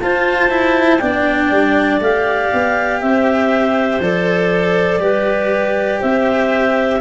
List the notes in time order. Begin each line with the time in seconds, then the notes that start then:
0.00 F4 C5 A5
0.50 E4
0.99 B3 D4 D5 G5
1.51 G3
2.00 A3 G4 F5
2.53 B3
3.01 C4 C5 E5
4.00 F3 A4 D5
4.99 G3 G4 B4
5.99 C4 C5 E5